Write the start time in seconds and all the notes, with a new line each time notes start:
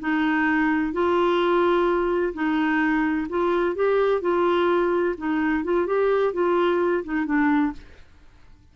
0.00 D#4
0.93 F4
2.34 D#4
3.29 F4
3.75 G4
4.21 F4
5.18 D#4
5.64 F4
5.87 G4
6.33 F4
7.04 D#4
7.26 D4